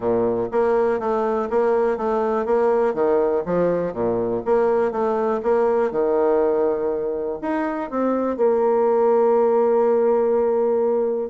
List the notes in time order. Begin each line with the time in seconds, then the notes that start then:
0.00 A#2
0.51 A#3
0.99 A3
1.50 A#3
1.97 A3
2.45 A#3
2.94 D#3
3.45 F3
3.93 A#2
4.45 A#3
4.91 A3
5.42 A#3
5.91 D#3
7.41 D#4
7.90 C4
8.37 A#3